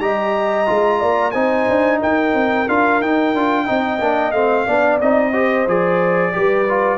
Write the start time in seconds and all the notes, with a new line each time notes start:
0.00 G3 G4 D#5 A#5
0.67 G#3 F4
1.00 A#3 D5
1.32 C4 D#4 C5 G#5
1.69 D4
2.01 D#4 A#4 G5
2.34 C4
2.69 D4 F4 F5
3.01 D#4 G5
3.34 D4 F4
3.66 C4 D#4 D#5
4.00 A#3 D4
4.32 A3 C4 F5
4.67 B3 D4 D5
5.02 C4 D#4 D#5
5.33 G4 C5
5.68 F3 G#4 D5
6.33 G3 G4 B4
6.69 F4